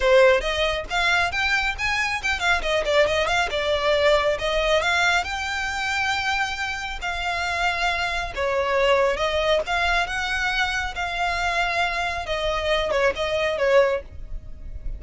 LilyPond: \new Staff \with { instrumentName = "violin" } { \time 4/4 \tempo 4 = 137 c''4 dis''4 f''4 g''4 | gis''4 g''8 f''8 dis''8 d''8 dis''8 f''8 | d''2 dis''4 f''4 | g''1 |
f''2. cis''4~ | cis''4 dis''4 f''4 fis''4~ | fis''4 f''2. | dis''4. cis''8 dis''4 cis''4 | }